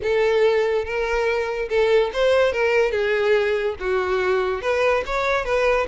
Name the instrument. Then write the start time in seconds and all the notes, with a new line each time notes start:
violin
0.02 A4
0.84 A#4
1.69 A4
2.13 C5
2.52 A#4
2.91 G#4
3.79 F#4
4.61 B4
5.06 C#5
5.45 B4